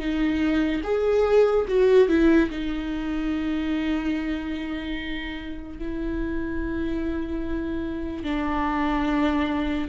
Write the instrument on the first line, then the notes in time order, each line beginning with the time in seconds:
viola
0.00 D#4
0.84 G#4
1.68 F#4
2.09 E4
2.51 D#4
5.79 E4
8.24 D4